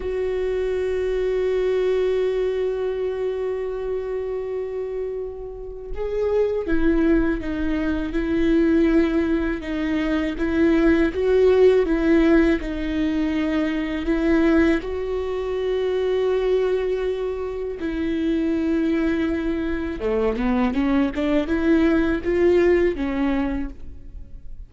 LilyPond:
\new Staff \with { instrumentName = "viola" } { \time 4/4 \tempo 4 = 81 fis'1~ | fis'1 | gis'4 e'4 dis'4 e'4~ | e'4 dis'4 e'4 fis'4 |
e'4 dis'2 e'4 | fis'1 | e'2. a8 b8 | cis'8 d'8 e'4 f'4 cis'4 | }